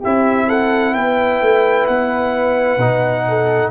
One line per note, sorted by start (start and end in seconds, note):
0.00 0.96 C4
0.00 2.80 E4
0.00 0.46 G4
0.00 0.50 E5
0.49 0.95 A4
0.49 0.94 F#5
0.94 1.42 B3
0.94 3.26 B4
0.94 1.87 G5
1.42 1.88 A3
1.87 2.78 B3
1.87 3.72 F#5
2.78 3.70 B2
2.78 3.72 D#4
3.29 3.72 A4